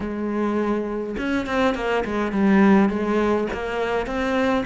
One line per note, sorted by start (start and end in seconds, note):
0.00 1.16 G#3
1.18 1.46 C#4
1.46 1.74 C4
1.74 2.04 A#3
2.04 2.32 G#3
2.32 2.89 G3
2.89 3.47 G#3
3.53 4.06 A#3
4.06 4.64 C4